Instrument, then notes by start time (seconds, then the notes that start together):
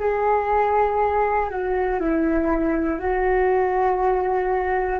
flute
0.00 G#4
1.50 F#4
2.00 E4
2.99 F#4